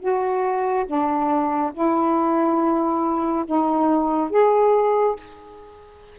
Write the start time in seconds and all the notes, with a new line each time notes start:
0.00 F#4
0.86 D4
1.74 E4
3.46 D#4
4.31 G#4